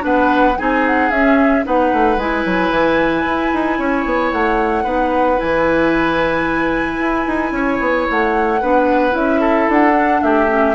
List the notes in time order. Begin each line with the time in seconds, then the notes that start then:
0.00 B3 D4 B4 F#5
0.58 C4 D#4 G#4 G#5
0.86 F#5
1.10 C#4 E5
1.63 B3 D#4 B4 F#5
1.92 A3
2.17 G#3 E4 G#5
2.45 F#3
2.70 E3
3.24 E4
3.53 D#4
3.78 C#4 C#5
4.05 B3
4.32 A3 F#5
4.83 B3 D#4 B4
5.37 E3 E4 G#5
6.99 E4
7.26 D#4
7.51 C#4 C#5
7.80 B3
8.09 A3 F#5
8.60 B3 D4 B4
9.11 C#4 E4 E5
9.40 A4
9.68 D4 F#5
9.94 D4
10.22 A3 G4 E5
10.47 C#4